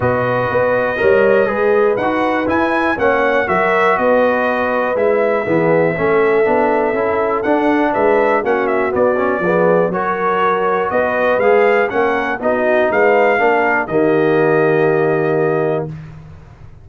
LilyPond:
<<
  \new Staff \with { instrumentName = "trumpet" } { \time 4/4 \tempo 4 = 121 dis''1 | fis''4 gis''4 fis''4 e''4 | dis''2 e''2~ | e''2. fis''4 |
e''4 fis''8 e''8 d''2 | cis''2 dis''4 f''4 | fis''4 dis''4 f''2 | dis''1 | }
  \new Staff \with { instrumentName = "horn" } { \time 4/4 b'2 cis''4 b'4~ | b'2 cis''4 ais'4 | b'2. gis'4 | a'1 |
b'4 fis'2 gis'4 | ais'2 b'2 | ais'4 fis'4 b'4 ais'4 | g'1 | }
  \new Staff \with { instrumentName = "trombone" } { \time 4/4 fis'2 ais'4 gis'4 | fis'4 e'4 cis'4 fis'4~ | fis'2 e'4 b4 | cis'4 d'4 e'4 d'4~ |
d'4 cis'4 b8 cis'8 b4 | fis'2. gis'4 | cis'4 dis'2 d'4 | ais1 | }
  \new Staff \with { instrumentName = "tuba" } { \time 4/4 b,4 b4 g4 gis4 | dis'4 e'4 ais4 fis4 | b2 gis4 e4 | a4 b4 cis'4 d'4 |
gis4 ais4 b4 f4 | fis2 b4 gis4 | ais4 b4 gis4 ais4 | dis1 | }
>>